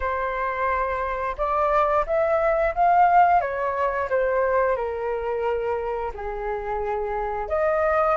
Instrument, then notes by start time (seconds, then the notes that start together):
flute
0.00 C5
1.37 D5
2.06 E5
2.74 F5
3.40 C#5
4.09 C5
4.75 A#4
6.14 G#4
7.48 D#5